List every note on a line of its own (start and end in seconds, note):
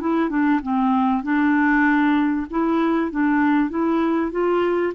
0.00 0.29 E4
0.29 0.60 D4
0.62 1.23 C4
1.23 2.46 D4
2.50 3.11 E4
3.11 3.69 D4
3.69 4.31 E4
4.31 4.93 F4